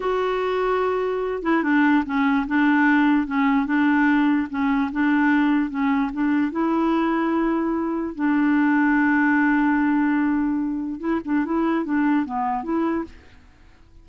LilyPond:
\new Staff \with { instrumentName = "clarinet" } { \time 4/4 \tempo 4 = 147 fis'2.~ fis'8 e'8 | d'4 cis'4 d'2 | cis'4 d'2 cis'4 | d'2 cis'4 d'4 |
e'1 | d'1~ | d'2. e'8 d'8 | e'4 d'4 b4 e'4 | }